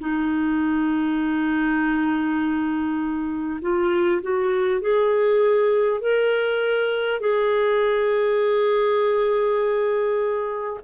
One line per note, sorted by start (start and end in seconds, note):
0.00 3.60 D#4
3.62 4.22 F4
4.23 4.81 F#4
4.81 6.01 G#4
6.01 7.21 A#4
7.21 10.81 G#4